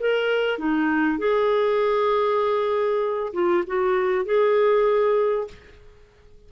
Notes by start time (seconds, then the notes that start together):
0.00 A#4
0.59 D#4
1.19 G#4
3.34 F4
3.67 F#4
4.26 G#4